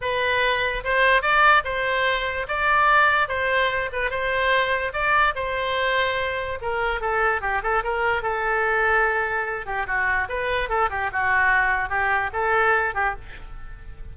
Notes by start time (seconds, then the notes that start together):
0.01 B4
0.84 C5
1.21 D5
1.64 C5
2.48 D5
3.28 C5
3.92 B4
4.10 C5
4.93 D5
5.35 C5
6.61 A#4
7.00 A4
7.41 G4
7.62 A4
7.83 A#4
8.22 A4
9.66 G4
9.86 F#4
10.29 B4
10.69 A4
10.90 G4
11.12 F#4
11.89 G4
12.32 A4
12.94 G4